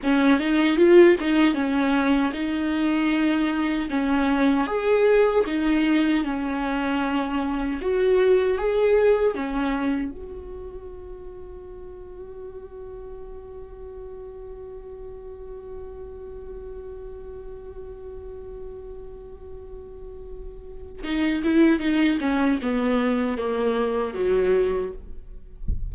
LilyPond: \new Staff \with { instrumentName = "viola" } { \time 4/4 \tempo 4 = 77 cis'8 dis'8 f'8 dis'8 cis'4 dis'4~ | dis'4 cis'4 gis'4 dis'4 | cis'2 fis'4 gis'4 | cis'4 fis'2.~ |
fis'1~ | fis'1~ | fis'2. dis'8 e'8 | dis'8 cis'8 b4 ais4 fis4 | }